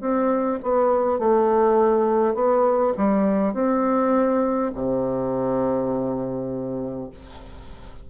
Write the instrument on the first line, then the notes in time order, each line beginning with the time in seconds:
bassoon
0.00 C4
0.63 B3
1.19 A3
2.34 B3
2.97 G3
3.53 C4
4.74 C3